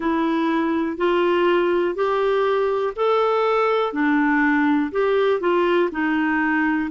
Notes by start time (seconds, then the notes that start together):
0.00 E4
0.97 F4
1.94 G4
2.96 A4
3.93 D4
4.91 G4
5.40 F4
5.91 D#4